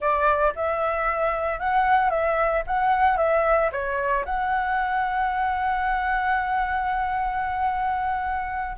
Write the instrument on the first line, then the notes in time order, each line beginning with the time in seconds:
flute
0.00 D5
0.55 E5
1.59 F#5
2.09 E5
2.67 F#5
3.17 E5
3.71 C#5
4.25 F#5